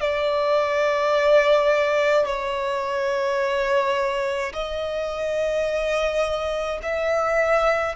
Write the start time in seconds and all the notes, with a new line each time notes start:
0.00 D5
2.26 C#5
4.53 D#5
6.82 E5